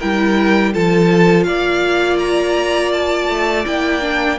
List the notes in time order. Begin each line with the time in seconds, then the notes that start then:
0.00 G3 E4 A#4 G5
0.74 F3 F4 A4 A5
1.44 A#3 D5 F5
2.19 A#5
2.93 A5
3.29 A3
3.66 A#3 E4 G5
4.02 D4